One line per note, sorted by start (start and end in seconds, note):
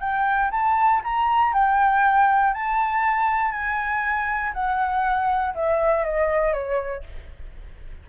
0.00 0.50 G5
0.51 1.01 A5
1.03 1.53 A#5
1.53 2.53 G5
2.53 3.52 A5
3.52 4.52 G#5
4.53 5.54 F#5
5.54 6.04 E5
6.04 6.53 D#5
6.53 7.03 C#5